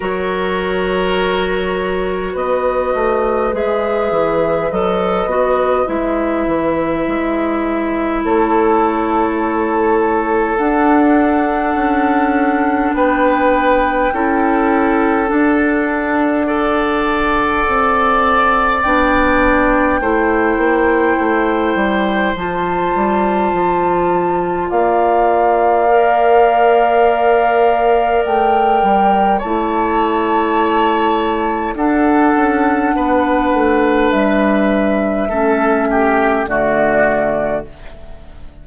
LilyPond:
<<
  \new Staff \with { instrumentName = "flute" } { \time 4/4 \tempo 4 = 51 cis''2 dis''4 e''4 | dis''4 e''2 cis''4~ | cis''4 fis''2 g''4~ | g''4 fis''2. |
g''2. a''4~ | a''4 f''2. | g''4 a''2 fis''4~ | fis''4 e''2 d''4 | }
  \new Staff \with { instrumentName = "oboe" } { \time 4/4 ais'2 b'2~ | b'2. a'4~ | a'2. b'4 | a'2 d''2~ |
d''4 c''2.~ | c''4 d''2.~ | d''4 cis''2 a'4 | b'2 a'8 g'8 fis'4 | }
  \new Staff \with { instrumentName = "clarinet" } { \time 4/4 fis'2. gis'4 | a'8 fis'8 e'2.~ | e'4 d'2. | e'4 d'4 a'2 |
d'4 e'2 f'4~ | f'2 ais'2~ | ais'4 e'2 d'4~ | d'2 cis'4 a4 | }
  \new Staff \with { instrumentName = "bassoon" } { \time 4/4 fis2 b8 a8 gis8 e8 | fis8 b8 gis8 e8 gis4 a4~ | a4 d'4 cis'4 b4 | cis'4 d'2 c'4 |
b4 a8 ais8 a8 g8 f8 g8 | f4 ais2. | a8 g8 a2 d'8 cis'8 | b8 a8 g4 a4 d4 | }
>>